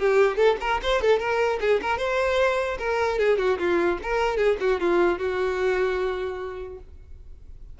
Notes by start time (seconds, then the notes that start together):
0.00 G4
0.37 A4
0.61 A#4
0.82 C5
1.02 A4
1.19 A#4
1.61 G#4
1.82 A#4
1.98 C5
2.79 A#4
3.19 G#4
3.38 F#4
3.59 F4
4.03 A#4
4.37 G#4
4.60 F#4
4.81 F4
5.19 F#4